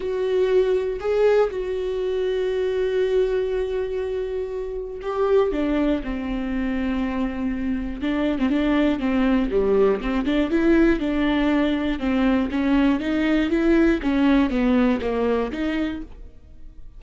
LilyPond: \new Staff \with { instrumentName = "viola" } { \time 4/4 \tempo 4 = 120 fis'2 gis'4 fis'4~ | fis'1~ | fis'2 g'4 d'4 | c'1 |
d'8. c'16 d'4 c'4 g4 | c'8 d'8 e'4 d'2 | c'4 cis'4 dis'4 e'4 | cis'4 b4 ais4 dis'4 | }